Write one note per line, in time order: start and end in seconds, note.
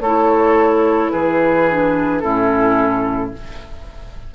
0.00 1.11 A3
0.00 1.12 A4
0.00 1.12 C#5
0.06 1.71 E4
1.12 2.24 E3
1.12 2.23 G#4
1.12 2.20 B4
1.71 2.22 D4
2.20 3.35 A2
2.20 3.34 C#4
2.20 3.34 E4
2.20 3.31 A4